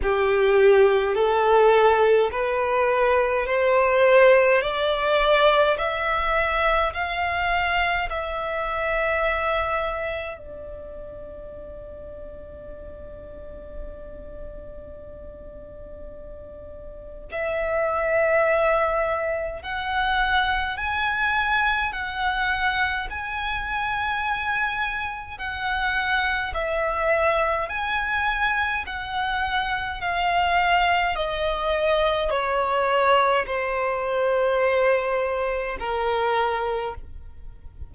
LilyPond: \new Staff \with { instrumentName = "violin" } { \time 4/4 \tempo 4 = 52 g'4 a'4 b'4 c''4 | d''4 e''4 f''4 e''4~ | e''4 d''2.~ | d''2. e''4~ |
e''4 fis''4 gis''4 fis''4 | gis''2 fis''4 e''4 | gis''4 fis''4 f''4 dis''4 | cis''4 c''2 ais'4 | }